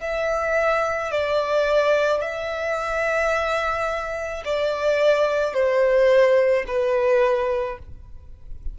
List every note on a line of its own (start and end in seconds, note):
0.00 1.11 E5
1.11 2.21 D5
2.21 4.43 E5
4.44 5.54 D5
5.54 6.65 C5
6.67 7.78 B4